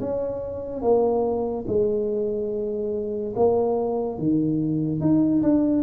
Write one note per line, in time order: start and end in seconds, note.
0.00 0.82 C#4
0.82 1.65 A#3
1.67 3.34 G#3
3.36 4.18 A#3
4.18 5.00 D#3
5.00 5.42 D#4
5.42 5.83 D4